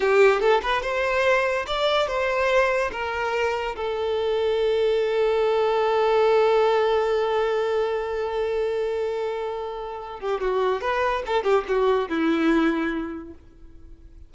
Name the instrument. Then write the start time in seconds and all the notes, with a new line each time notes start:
violin
0.00 G4
0.40 A4
0.62 B4
0.82 C5
1.66 D5
2.07 C5
2.92 A#4
3.76 A4
10.20 G4
10.40 F#4
10.81 B4
11.26 A4
11.43 G4
11.68 F#4
12.09 E4